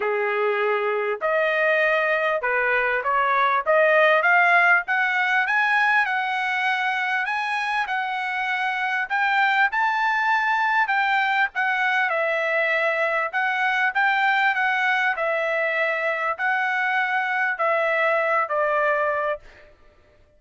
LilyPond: \new Staff \with { instrumentName = "trumpet" } { \time 4/4 \tempo 4 = 99 gis'2 dis''2 | b'4 cis''4 dis''4 f''4 | fis''4 gis''4 fis''2 | gis''4 fis''2 g''4 |
a''2 g''4 fis''4 | e''2 fis''4 g''4 | fis''4 e''2 fis''4~ | fis''4 e''4. d''4. | }